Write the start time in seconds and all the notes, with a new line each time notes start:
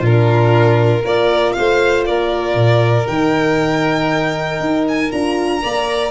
0.00 A#2 D4 F4 A#4
1.03 A#3 F4 A#4 D5
1.52 A3 C5 F5
2.06 A#3 A#4 D5
2.54 A#2
3.06 D#3 D#4 G5
4.60 D#4
4.88 G#5
5.11 D4 F4 A#5
5.61 A#3 A#4 D5